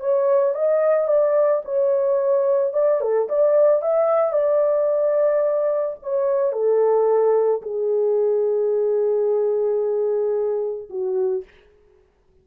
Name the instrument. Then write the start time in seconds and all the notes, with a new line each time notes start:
horn
0.00 C#5
0.55 D#5
1.08 D5
1.65 C#5
2.73 D5
3.01 A4
3.29 D5
3.82 E5
4.33 D5
6.02 C#5
6.53 A4
7.62 G#4
10.90 F#4